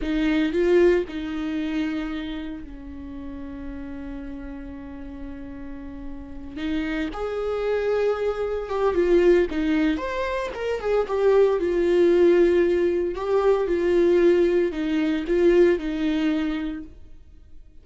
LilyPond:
\new Staff \with { instrumentName = "viola" } { \time 4/4 \tempo 4 = 114 dis'4 f'4 dis'2~ | dis'4 cis'2.~ | cis'1~ | cis'8 dis'4 gis'2~ gis'8~ |
gis'8 g'8 f'4 dis'4 c''4 | ais'8 gis'8 g'4 f'2~ | f'4 g'4 f'2 | dis'4 f'4 dis'2 | }